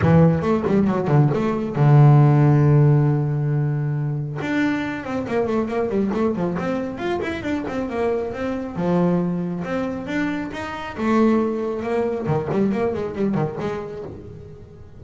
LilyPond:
\new Staff \with { instrumentName = "double bass" } { \time 4/4 \tempo 4 = 137 e4 a8 g8 fis8 d8 a4 | d1~ | d2 d'4. c'8 | ais8 a8 ais8 g8 a8 f8 c'4 |
f'8 e'8 d'8 c'8 ais4 c'4 | f2 c'4 d'4 | dis'4 a2 ais4 | dis8 g8 ais8 gis8 g8 dis8 gis4 | }